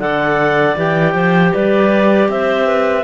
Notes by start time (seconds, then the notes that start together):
0.00 D3 A4 D5 F#5
0.77 E3 G4 G5
1.13 F3 C5
1.53 G3 B4 D5
2.29 C4 C5 E5
2.67 B4